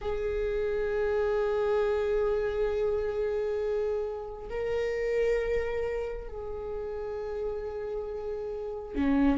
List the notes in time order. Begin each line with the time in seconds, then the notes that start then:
0.01 G#4
4.49 A#4
6.28 G#4
8.95 C#4